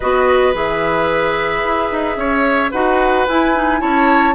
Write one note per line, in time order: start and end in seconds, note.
0.00 0.54 B3
0.00 0.53 F#4
0.00 2.16 B4
0.00 0.54 D#5
0.53 1.63 E3
0.53 2.71 G#4
0.53 2.72 E5
1.64 1.91 E4
1.91 2.16 D#4
2.16 2.71 C#4
2.16 2.71 C#5
2.71 3.27 D#4
2.71 3.27 F#4
2.71 3.80 B4
2.71 3.26 F#5
3.27 3.82 E4
3.27 3.55 E4
3.27 3.81 G#5
3.55 3.79 D#4
3.79 4.35 C#4
3.79 4.34 E4
3.79 4.35 C#5
3.79 4.35 A5